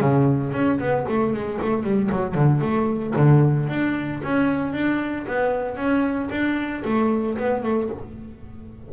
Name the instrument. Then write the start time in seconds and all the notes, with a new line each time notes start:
double bass
0.00 C#3
0.52 C#4
0.79 B3
1.08 A3
1.33 G#3
1.61 A3
1.83 G3
2.11 F#3
2.34 D3
2.61 A3
3.16 D3
3.69 D4
4.23 C#4
4.73 D4
5.27 B3
5.76 C#4
6.30 D4
6.84 A3
7.37 B3
7.63 A3